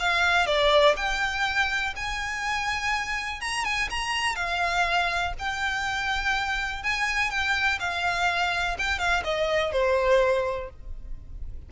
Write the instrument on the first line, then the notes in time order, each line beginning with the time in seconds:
violin
0.00 F5
0.47 D5
0.97 G5
1.97 G#5
3.41 A#5
3.65 G#5
3.90 A#5
4.36 F5
5.39 G5
6.84 G#5
7.31 G5
7.80 F5
8.79 G5
8.99 F5
9.24 D#5
9.72 C5